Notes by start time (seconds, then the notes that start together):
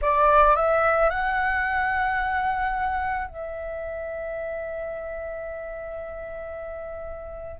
0.01 D5
0.56 E5
1.10 F#5
3.28 E5